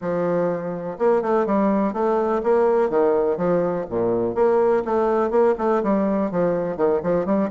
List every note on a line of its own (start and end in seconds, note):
0.01 0.97 F3
0.98 1.22 A#3
1.22 1.45 A3
1.45 1.93 G3
1.93 2.41 A3
2.43 2.89 A#3
2.89 3.37 D#3
3.37 3.85 F3
3.89 4.35 A#2
4.35 4.83 A#3
4.85 5.30 A3
5.30 5.54 A#3
5.58 5.82 A3
5.83 6.31 G3
6.31 6.76 F3
6.76 7.01 D#3
7.03 7.25 F3
7.25 7.49 G3